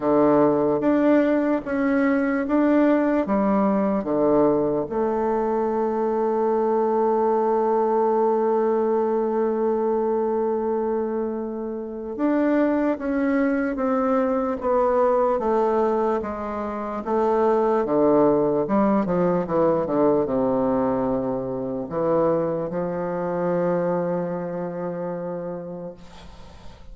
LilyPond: \new Staff \with { instrumentName = "bassoon" } { \time 4/4 \tempo 4 = 74 d4 d'4 cis'4 d'4 | g4 d4 a2~ | a1~ | a2. d'4 |
cis'4 c'4 b4 a4 | gis4 a4 d4 g8 f8 | e8 d8 c2 e4 | f1 | }